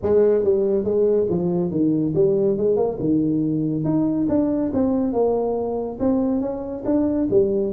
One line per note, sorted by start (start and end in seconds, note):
0.02 0.43 G#3
0.43 0.84 G3
0.84 1.27 G#3
1.29 1.70 F3
1.70 2.13 D#3
2.14 2.57 G3
2.57 2.76 G#3
2.76 2.98 A#3
2.99 3.84 D#3
3.84 4.27 D#4
4.29 4.71 D4
4.73 5.12 C4
5.12 5.98 A#3
5.99 6.40 C4
6.40 6.83 C#4
6.85 7.28 D4
7.30 7.73 G3